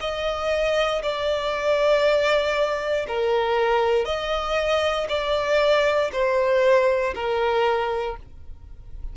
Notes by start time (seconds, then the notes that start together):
0.00 D#5
1.03 D5
3.07 A#4
4.05 D#5
5.09 D5
6.12 C5
7.15 A#4